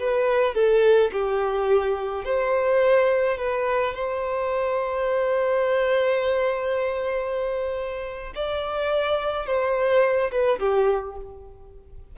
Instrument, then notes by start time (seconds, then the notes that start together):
violin
0.00 B4
0.55 A4
1.12 G4
2.25 C5
3.38 B4
3.95 C5
8.36 D5
9.47 C5
10.32 B4
10.60 G4